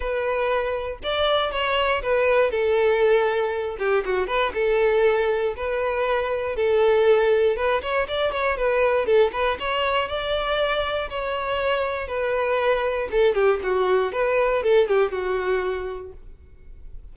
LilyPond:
\new Staff \with { instrumentName = "violin" } { \time 4/4 \tempo 4 = 119 b'2 d''4 cis''4 | b'4 a'2~ a'8 g'8 | fis'8 b'8 a'2 b'4~ | b'4 a'2 b'8 cis''8 |
d''8 cis''8 b'4 a'8 b'8 cis''4 | d''2 cis''2 | b'2 a'8 g'8 fis'4 | b'4 a'8 g'8 fis'2 | }